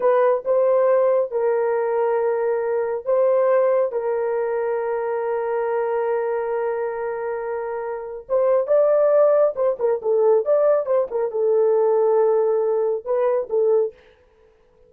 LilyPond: \new Staff \with { instrumentName = "horn" } { \time 4/4 \tempo 4 = 138 b'4 c''2 ais'4~ | ais'2. c''4~ | c''4 ais'2.~ | ais'1~ |
ais'2. c''4 | d''2 c''8 ais'8 a'4 | d''4 c''8 ais'8 a'2~ | a'2 b'4 a'4 | }